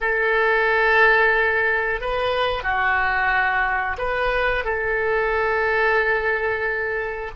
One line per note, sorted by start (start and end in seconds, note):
0.00 2.00 A4
2.00 2.63 B4
2.63 3.96 F#4
3.98 4.64 B4
4.64 7.31 A4